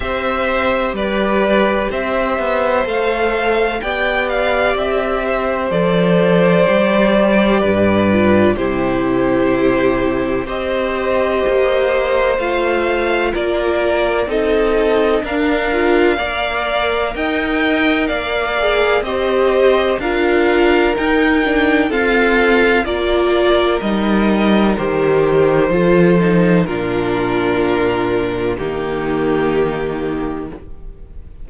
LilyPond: <<
  \new Staff \with { instrumentName = "violin" } { \time 4/4 \tempo 4 = 63 e''4 d''4 e''4 f''4 | g''8 f''8 e''4 d''2~ | d''4 c''2 dis''4~ | dis''4 f''4 d''4 dis''4 |
f''2 g''4 f''4 | dis''4 f''4 g''4 f''4 | d''4 dis''4 c''2 | ais'2 g'2 | }
  \new Staff \with { instrumentName = "violin" } { \time 4/4 c''4 b'4 c''2 | d''4. c''2~ c''8 | b'4 g'2 c''4~ | c''2 ais'4 a'4 |
ais'4 d''4 dis''4 d''4 | c''4 ais'2 a'4 | ais'2. a'4 | f'2 dis'2 | }
  \new Staff \with { instrumentName = "viola" } { \time 4/4 g'2. a'4 | g'2 a'4 g'4~ | g'8 f'8 e'2 g'4~ | g'4 f'2 dis'4 |
d'8 f'8 ais'2~ ais'8 gis'8 | g'4 f'4 dis'8 d'8 c'4 | f'4 dis'4 g'4 f'8 dis'8 | d'2 ais2 | }
  \new Staff \with { instrumentName = "cello" } { \time 4/4 c'4 g4 c'8 b8 a4 | b4 c'4 f4 g4 | g,4 c2 c'4 | ais4 a4 ais4 c'4 |
d'4 ais4 dis'4 ais4 | c'4 d'4 dis'4 f'4 | ais4 g4 dis4 f4 | ais,2 dis2 | }
>>